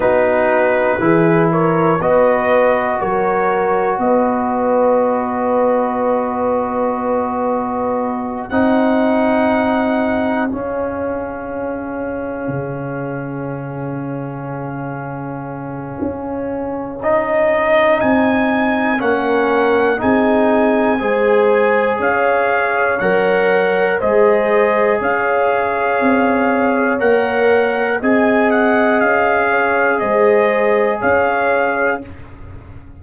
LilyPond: <<
  \new Staff \with { instrumentName = "trumpet" } { \time 4/4 \tempo 4 = 60 b'4. cis''8 dis''4 cis''4 | dis''1~ | dis''8 fis''2 f''4.~ | f''1~ |
f''4 dis''4 gis''4 fis''4 | gis''2 f''4 fis''4 | dis''4 f''2 fis''4 | gis''8 fis''8 f''4 dis''4 f''4 | }
  \new Staff \with { instrumentName = "horn" } { \time 4/4 fis'4 gis'8 ais'8 b'4 ais'4 | b'1~ | b'8 gis'2.~ gis'8~ | gis'1~ |
gis'2. ais'4 | gis'4 c''4 cis''2 | c''4 cis''2. | dis''4. cis''8 c''4 cis''4 | }
  \new Staff \with { instrumentName = "trombone" } { \time 4/4 dis'4 e'4 fis'2~ | fis'1~ | fis'8 dis'2 cis'4.~ | cis'1~ |
cis'4 dis'2 cis'4 | dis'4 gis'2 ais'4 | gis'2. ais'4 | gis'1 | }
  \new Staff \with { instrumentName = "tuba" } { \time 4/4 b4 e4 b4 fis4 | b1~ | b8 c'2 cis'4.~ | cis'8 cis2.~ cis8 |
cis'2 c'4 ais4 | c'4 gis4 cis'4 fis4 | gis4 cis'4 c'4 ais4 | c'4 cis'4 gis4 cis'4 | }
>>